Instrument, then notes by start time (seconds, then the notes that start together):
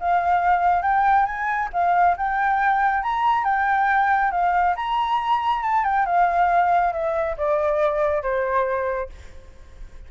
flute
0.00 F5
0.82 G5
1.26 G#5
1.73 F5
2.17 G5
3.03 A#5
3.44 G5
4.32 F5
4.76 A#5
5.63 A5
5.84 G5
6.06 F5
6.93 E5
7.38 D5
8.23 C5